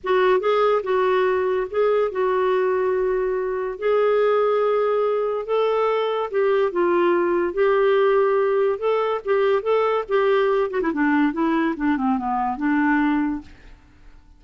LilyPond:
\new Staff \with { instrumentName = "clarinet" } { \time 4/4 \tempo 4 = 143 fis'4 gis'4 fis'2 | gis'4 fis'2.~ | fis'4 gis'2.~ | gis'4 a'2 g'4 |
f'2 g'2~ | g'4 a'4 g'4 a'4 | g'4. fis'16 e'16 d'4 e'4 | d'8 c'8 b4 d'2 | }